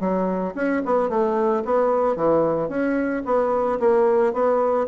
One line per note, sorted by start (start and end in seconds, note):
0.00 0.54 F#3
0.55 0.82 C#4
0.85 1.09 B3
1.09 1.63 A3
1.65 2.16 B3
2.16 2.69 E3
2.69 3.23 C#4
3.25 3.79 B3
3.79 4.33 A#3
4.33 4.87 B3